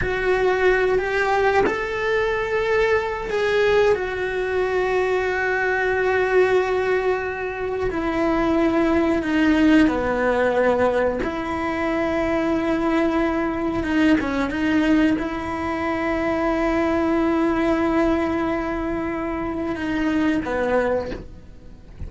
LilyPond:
\new Staff \with { instrumentName = "cello" } { \time 4/4 \tempo 4 = 91 fis'4. g'4 a'4.~ | a'4 gis'4 fis'2~ | fis'1 | e'2 dis'4 b4~ |
b4 e'2.~ | e'4 dis'8 cis'8 dis'4 e'4~ | e'1~ | e'2 dis'4 b4 | }